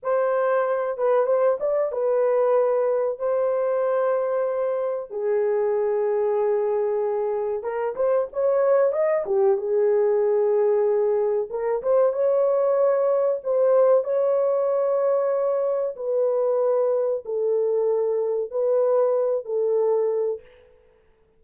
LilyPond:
\new Staff \with { instrumentName = "horn" } { \time 4/4 \tempo 4 = 94 c''4. b'8 c''8 d''8 b'4~ | b'4 c''2. | gis'1 | ais'8 c''8 cis''4 dis''8 g'8 gis'4~ |
gis'2 ais'8 c''8 cis''4~ | cis''4 c''4 cis''2~ | cis''4 b'2 a'4~ | a'4 b'4. a'4. | }